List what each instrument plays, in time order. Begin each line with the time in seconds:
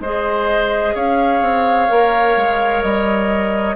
0.00 bassoon G#3, clarinet G#4, oboe C5, flute D#5
0.94 bassoon C#4, oboe C#5, flute F5
1.41 bassoon C4
1.88 bassoon A#3, clarinet A#4
2.36 bassoon G#3
2.82 bassoon G3, flute D#5